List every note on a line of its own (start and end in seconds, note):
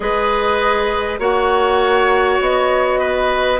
0.00 1.19 G#3
0.00 1.19 G#4
0.00 1.19 B4
0.00 1.20 D#5
1.19 2.39 A#3
1.19 3.59 F#4
1.19 2.99 C#5
1.19 2.40 F#5
2.41 3.59 B3
2.41 3.59 D#5
2.99 3.59 B4